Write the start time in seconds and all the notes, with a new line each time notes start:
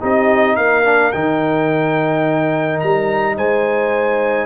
0.00 C4 D#4 G4 D#5
0.55 A#3 A#4 F5
0.84 D4
1.11 D#3 D#4 G5
2.80 G3 A#5
3.36 G#3 C5 G#5